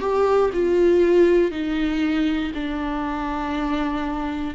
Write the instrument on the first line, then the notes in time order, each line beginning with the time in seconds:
viola
0.00 G4
0.53 F4
1.51 D#4
2.54 D4